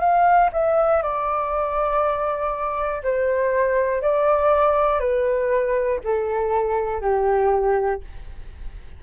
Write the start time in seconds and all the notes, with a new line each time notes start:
0.00 F5
0.53 E5
1.02 D5
3.03 C5
4.02 D5
5.00 B4
6.05 A4
7.01 G4